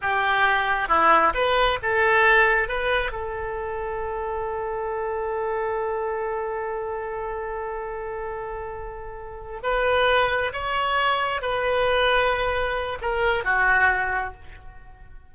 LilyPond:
\new Staff \with { instrumentName = "oboe" } { \time 4/4 \tempo 4 = 134 g'2 e'4 b'4 | a'2 b'4 a'4~ | a'1~ | a'1~ |
a'1~ | a'4. b'2 cis''8~ | cis''4. b'2~ b'8~ | b'4 ais'4 fis'2 | }